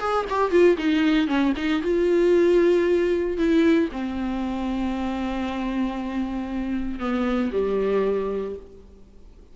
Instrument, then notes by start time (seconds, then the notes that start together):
viola
0.00 G#4
0.30 G4
0.51 F4
0.78 D#4
1.28 C#4
1.57 D#4
1.83 F4
3.38 E4
3.92 C4
7.00 B3
7.53 G3